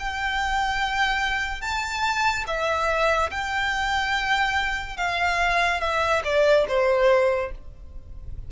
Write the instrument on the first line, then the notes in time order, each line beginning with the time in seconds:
violin
0.00 G5
1.62 A5
2.47 E5
3.31 G5
4.98 F5
5.81 E5
6.25 D5
6.69 C5